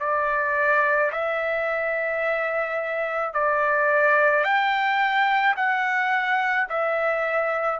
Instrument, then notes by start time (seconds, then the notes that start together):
trumpet
0.00 D5
1.12 E5
3.33 D5
4.43 G5
5.56 F#5
6.69 E5